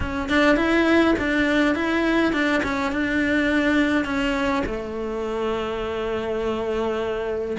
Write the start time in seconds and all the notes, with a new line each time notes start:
0.00 C#4
0.29 D4
0.56 E4
1.18 D4
1.75 E4
2.32 D4
2.63 C#4
2.92 D4
4.04 C#4
4.65 A3